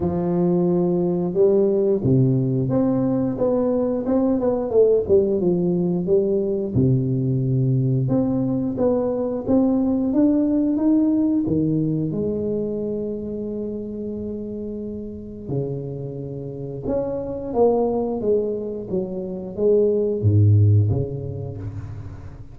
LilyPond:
\new Staff \with { instrumentName = "tuba" } { \time 4/4 \tempo 4 = 89 f2 g4 c4 | c'4 b4 c'8 b8 a8 g8 | f4 g4 c2 | c'4 b4 c'4 d'4 |
dis'4 dis4 gis2~ | gis2. cis4~ | cis4 cis'4 ais4 gis4 | fis4 gis4 gis,4 cis4 | }